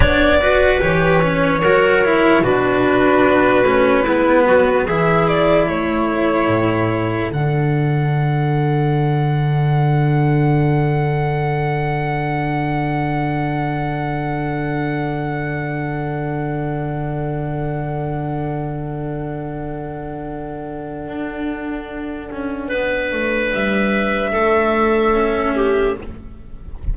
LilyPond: <<
  \new Staff \with { instrumentName = "violin" } { \time 4/4 \tempo 4 = 74 d''4 cis''2 b'4~ | b'2 e''8 d''8 cis''4~ | cis''4 fis''2.~ | fis''1~ |
fis''1~ | fis''1~ | fis''1~ | fis''4 e''2. | }
  \new Staff \with { instrumentName = "clarinet" } { \time 4/4 cis''8 b'4. ais'4 fis'4~ | fis'4 e'8 fis'8 gis'4 a'4~ | a'1~ | a'1~ |
a'1~ | a'1~ | a'1 | b'2 a'4. g'8 | }
  \new Staff \with { instrumentName = "cello" } { \time 4/4 d'8 fis'8 g'8 cis'8 fis'8 e'8 d'4~ | d'8 cis'8 b4 e'2~ | e'4 d'2.~ | d'1~ |
d'1~ | d'1~ | d'1~ | d'2. cis'4 | }
  \new Staff \with { instrumentName = "double bass" } { \time 4/4 b4 e4 fis4 b,4 | b8 a8 gis8 fis8 e4 a4 | a,4 d2.~ | d1~ |
d1~ | d1~ | d2 d'4. cis'8 | b8 a8 g4 a2 | }
>>